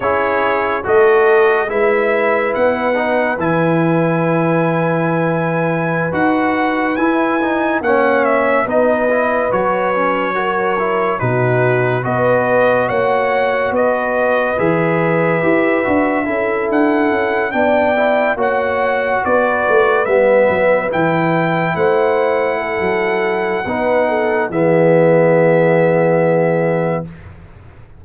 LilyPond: <<
  \new Staff \with { instrumentName = "trumpet" } { \time 4/4 \tempo 4 = 71 cis''4 dis''4 e''4 fis''4 | gis''2.~ gis''16 fis''8.~ | fis''16 gis''4 fis''8 e''8 dis''4 cis''8.~ | cis''4~ cis''16 b'4 dis''4 fis''8.~ |
fis''16 dis''4 e''2~ e''8 fis''16~ | fis''8. g''4 fis''4 d''4 e''16~ | e''8. g''4 fis''2~ fis''16~ | fis''4 e''2. | }
  \new Staff \with { instrumentName = "horn" } { \time 4/4 gis'4 a'4 b'2~ | b'1~ | b'4~ b'16 cis''4 b'4.~ b'16~ | b'16 ais'4 fis'4 b'4 cis''8.~ |
cis''16 b'2. a'8.~ | a'8. d''4 cis''4 b'4~ b'16~ | b'4.~ b'16 c''4 a'4~ a'16 | b'8 a'8 gis'2. | }
  \new Staff \with { instrumentName = "trombone" } { \time 4/4 e'4 fis'4 e'4. dis'8 | e'2.~ e'16 fis'8.~ | fis'16 e'8 dis'8 cis'4 dis'8 e'8 fis'8 cis'16~ | cis'16 fis'8 e'8 dis'4 fis'4.~ fis'16~ |
fis'4~ fis'16 gis'4 g'8 fis'8 e'8.~ | e'8. d'8 e'8 fis'2 b16~ | b8. e'2.~ e'16 | dis'4 b2. | }
  \new Staff \with { instrumentName = "tuba" } { \time 4/4 cis'4 a4 gis4 b4 | e2.~ e16 dis'8.~ | dis'16 e'4 ais4 b4 fis8.~ | fis4~ fis16 b,4 b4 ais8.~ |
ais16 b4 e4 e'8 d'8 cis'8 d'16~ | d'16 cis'8 b4 ais4 b8 a8 g16~ | g16 fis8 e4 a4~ a16 fis4 | b4 e2. | }
>>